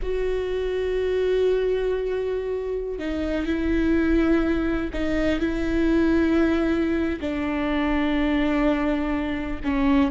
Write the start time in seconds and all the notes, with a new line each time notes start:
0.02 F#4
2.98 D#4
3.46 E4
4.93 D#4
5.39 E4
7.20 D4
9.63 C#4